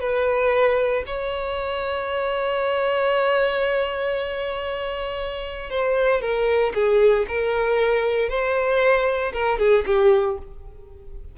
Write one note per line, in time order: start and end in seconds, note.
0.00 1.03 B4
1.06 5.70 C#5
5.70 6.21 C5
6.21 6.73 A#4
6.74 7.26 G#4
7.28 8.29 A#4
8.29 9.33 C5
9.33 9.59 A#4
9.59 9.85 G#4
9.86 10.38 G4